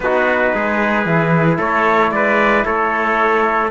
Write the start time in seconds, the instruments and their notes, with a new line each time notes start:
0.00 cello B3, trombone D#4, trumpet F#4 B4
0.54 cello G#3, trumpet G#4
1.05 cello E3, trombone E4
1.57 cello A3, trumpet A4 C#5
2.11 cello G#3, trumpet B4 D5
2.65 cello A3, trumpet A4 C#5